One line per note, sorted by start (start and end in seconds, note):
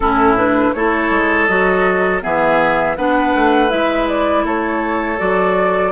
0.00 0.71 A2
0.00 0.37 C#4
0.00 0.75 E4
0.00 0.35 A4
0.37 0.74 D4
0.37 0.73 B4
0.73 1.10 A3
0.73 1.48 E4
0.73 2.22 A4
0.73 1.46 C#5
1.10 1.47 G#3
1.46 2.22 F#3
1.46 2.21 F#4
1.46 2.20 D#5
2.21 2.97 E3
2.21 2.95 B3
2.21 2.96 G#4
2.21 2.96 E5
2.96 3.34 B3
2.96 3.69 D4
2.96 4.45 B4
2.96 3.70 F#5
3.34 3.71 A3
3.69 4.44 G#3
3.69 5.17 E4
3.69 4.07 E5
4.08 4.45 D5
4.44 5.18 A3
4.44 5.92 A4
4.44 5.19 C#5
5.17 5.92 F#3
5.17 5.92 F#4
5.17 5.92 D5